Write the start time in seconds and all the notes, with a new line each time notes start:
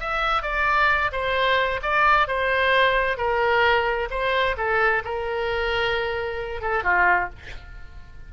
0.00 E5
0.43 D5
1.12 C5
1.82 D5
2.28 C5
3.17 A#4
4.10 C5
4.57 A4
5.05 A#4
6.61 A4
6.84 F4